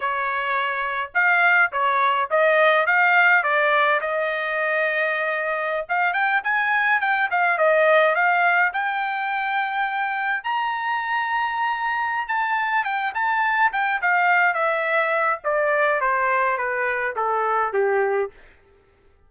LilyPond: \new Staff \with { instrumentName = "trumpet" } { \time 4/4 \tempo 4 = 105 cis''2 f''4 cis''4 | dis''4 f''4 d''4 dis''4~ | dis''2~ dis''16 f''8 g''8 gis''8.~ | gis''16 g''8 f''8 dis''4 f''4 g''8.~ |
g''2~ g''16 ais''4.~ ais''16~ | ais''4. a''4 g''8 a''4 | g''8 f''4 e''4. d''4 | c''4 b'4 a'4 g'4 | }